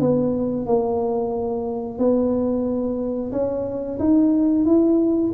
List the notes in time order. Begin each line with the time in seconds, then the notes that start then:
0.00 B3
0.66 A#3
1.98 B3
3.32 C#4
3.99 D#4
4.65 E4